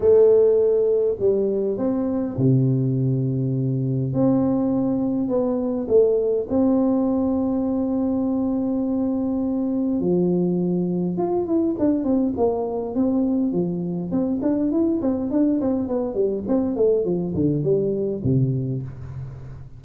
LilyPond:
\new Staff \with { instrumentName = "tuba" } { \time 4/4 \tempo 4 = 102 a2 g4 c'4 | c2. c'4~ | c'4 b4 a4 c'4~ | c'1~ |
c'4 f2 f'8 e'8 | d'8 c'8 ais4 c'4 f4 | c'8 d'8 e'8 c'8 d'8 c'8 b8 g8 | c'8 a8 f8 d8 g4 c4 | }